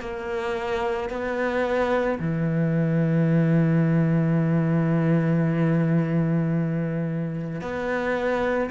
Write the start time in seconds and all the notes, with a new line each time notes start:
0.00 A#3
1.10 B3
2.20 E3
7.61 B3